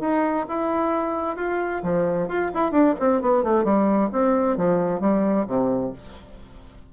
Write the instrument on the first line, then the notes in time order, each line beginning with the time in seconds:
bassoon
0.00 D#4
0.48 E4
1.36 F4
1.83 F3
2.28 F4
2.54 E4
2.71 D4
2.99 C4
3.21 B3
3.43 A3
3.64 G3
4.12 C4
4.57 F3
5.00 G3
5.47 C3